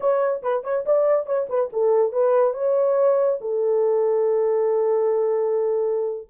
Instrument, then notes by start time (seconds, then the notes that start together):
horn
0.00 C#5
0.42 B4
0.63 C#5
0.85 D5
1.26 C#5
1.49 B4
1.72 A4
2.12 B4
2.53 C#5
3.40 A4